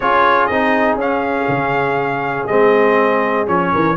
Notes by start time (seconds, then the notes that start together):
0.00 C#4 F4 G#4 C#5
0.46 C4 D#4 D#5
0.95 C#4 F5
1.48 C#3
2.46 G#3 C4 D#5
3.46 F3 C#4 C#5
3.72 E3 A#4